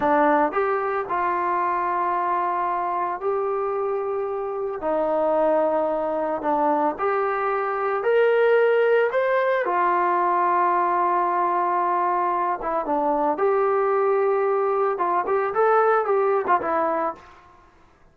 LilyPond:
\new Staff \with { instrumentName = "trombone" } { \time 4/4 \tempo 4 = 112 d'4 g'4 f'2~ | f'2 g'2~ | g'4 dis'2. | d'4 g'2 ais'4~ |
ais'4 c''4 f'2~ | f'2.~ f'8 e'8 | d'4 g'2. | f'8 g'8 a'4 g'8. f'16 e'4 | }